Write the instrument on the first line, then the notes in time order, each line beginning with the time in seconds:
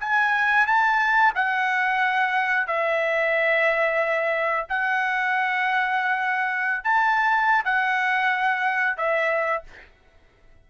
trumpet
0.00 G#5
0.66 A5
1.35 F#5
2.67 E5
4.69 F#5
6.84 A5
7.65 F#5
8.97 E5